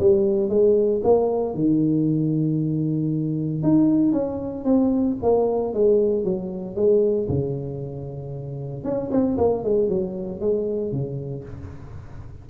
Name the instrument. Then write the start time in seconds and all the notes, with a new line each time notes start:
tuba
0.00 G3
0.50 G#3
1.04 A#3
1.55 D#3
3.63 D#4
4.13 C#4
4.65 C4
5.23 A#3
5.74 G#3
6.24 F#3
6.76 G#3
7.29 C#3
8.84 C#4
9.12 C4
9.38 A#3
9.64 G#3
9.89 F#3
10.41 G#3
10.92 C#3